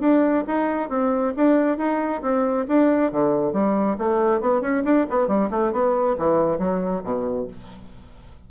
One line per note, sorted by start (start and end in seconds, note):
0.00 0.44 D4
0.47 0.89 D#4
0.89 1.33 C4
1.36 1.78 D4
1.78 2.21 D#4
2.22 2.66 C4
2.68 3.11 D4
3.11 3.53 D3
3.53 3.97 G3
3.98 4.41 A3
4.41 4.61 B3
4.61 4.83 C#4
4.84 5.06 D4
5.10 5.27 B3
5.27 5.49 G3
5.50 5.72 A3
5.73 6.16 B3
6.18 6.58 E3
6.58 7.02 F#3
7.04 7.47 B2